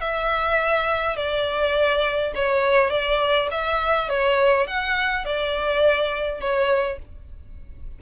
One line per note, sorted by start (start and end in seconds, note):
0.00 1.16 E5
1.16 2.32 D5
2.35 2.90 C#5
2.90 3.48 D5
3.51 4.09 E5
4.09 4.67 C#5
4.67 5.25 F#5
5.25 6.40 D5
6.40 6.98 C#5